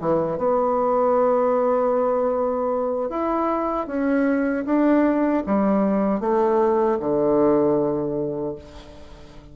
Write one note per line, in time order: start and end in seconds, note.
0.00 0.38 E3
0.38 3.10 B3
3.10 3.87 E4
3.87 4.65 C#4
4.65 5.43 D4
5.46 6.21 G3
6.21 6.98 A3
7.00 8.56 D3